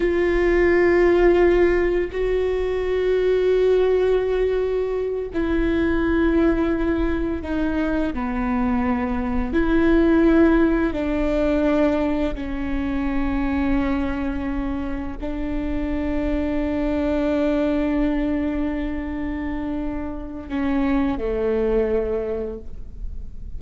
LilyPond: \new Staff \with { instrumentName = "viola" } { \time 4/4 \tempo 4 = 85 f'2. fis'4~ | fis'2.~ fis'8 e'8~ | e'2~ e'8 dis'4 b8~ | b4. e'2 d'8~ |
d'4. cis'2~ cis'8~ | cis'4. d'2~ d'8~ | d'1~ | d'4 cis'4 a2 | }